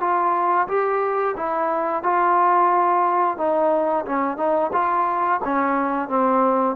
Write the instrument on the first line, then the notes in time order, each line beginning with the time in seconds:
trombone
0.00 F4
0.68 G4
1.36 E4
2.03 F4
3.37 D#4
4.05 C#4
4.37 D#4
4.73 F4
5.44 C#4
6.08 C4